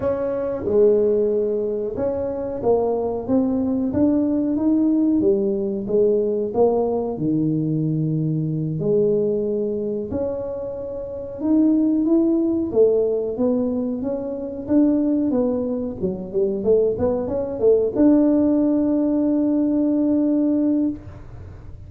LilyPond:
\new Staff \with { instrumentName = "tuba" } { \time 4/4 \tempo 4 = 92 cis'4 gis2 cis'4 | ais4 c'4 d'4 dis'4 | g4 gis4 ais4 dis4~ | dis4. gis2 cis'8~ |
cis'4. dis'4 e'4 a8~ | a8 b4 cis'4 d'4 b8~ | b8 fis8 g8 a8 b8 cis'8 a8 d'8~ | d'1 | }